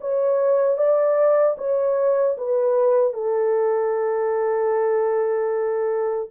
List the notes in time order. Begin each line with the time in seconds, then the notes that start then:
0.00 C#5
0.77 D5
1.58 C#5
2.37 B4
3.13 A4